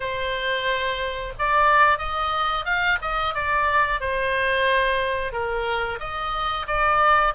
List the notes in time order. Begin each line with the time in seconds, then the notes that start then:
0.00 C5
1.38 D5
1.98 D#5
2.65 F5
3.01 D#5
3.34 D5
4.00 C5
5.32 A#4
5.99 D#5
6.67 D5